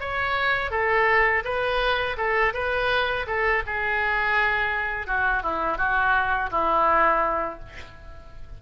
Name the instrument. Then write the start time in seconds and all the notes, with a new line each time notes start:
oboe
0.00 C#5
0.71 A4
1.44 B4
2.17 A4
2.53 B4
3.26 A4
3.66 G#4
5.06 F#4
5.42 E4
5.77 F#4
6.51 E4